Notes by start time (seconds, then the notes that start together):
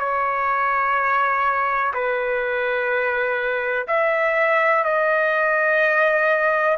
0.00 C#5
1.94 B4
3.88 E5
4.84 D#5